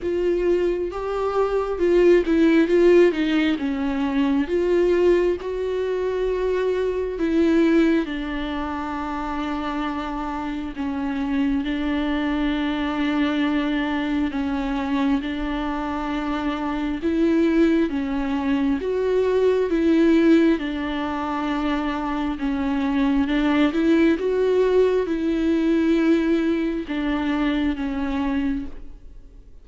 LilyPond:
\new Staff \with { instrumentName = "viola" } { \time 4/4 \tempo 4 = 67 f'4 g'4 f'8 e'8 f'8 dis'8 | cis'4 f'4 fis'2 | e'4 d'2. | cis'4 d'2. |
cis'4 d'2 e'4 | cis'4 fis'4 e'4 d'4~ | d'4 cis'4 d'8 e'8 fis'4 | e'2 d'4 cis'4 | }